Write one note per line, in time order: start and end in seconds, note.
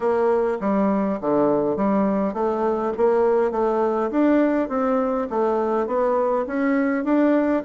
0.00 0.57 A#3
0.60 1.19 G3
1.21 1.76 D3
1.76 2.33 G3
2.33 2.92 A3
2.97 3.51 A#3
3.51 4.10 A3
4.10 4.68 D4
4.68 5.27 C4
5.29 5.86 A3
5.86 6.45 B3
6.46 7.04 C#4
7.04 7.63 D4